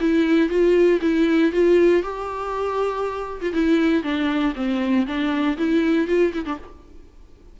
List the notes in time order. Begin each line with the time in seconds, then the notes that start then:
0.00 E4
0.49 F4
1.01 E4
1.52 F4
2.02 G4
3.41 F4
3.53 E4
4.03 D4
4.55 C4
5.06 D4
5.57 E4
6.07 F4
6.33 E4
6.45 D4